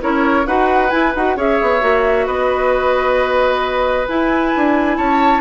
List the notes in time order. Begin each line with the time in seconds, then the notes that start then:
0.00 C#4 E4 A#4 C#5
0.46 D#4 F#4 B4 F#5
0.89 E4 G#5
1.15 D#4 F#4 F#5
1.36 C#4 G#4 C#5 E5
1.61 B3
1.80 A#3 F#4
2.26 B3 B4 D#5
4.07 E4 G#5
4.56 D4
4.97 C#4 C#5 A5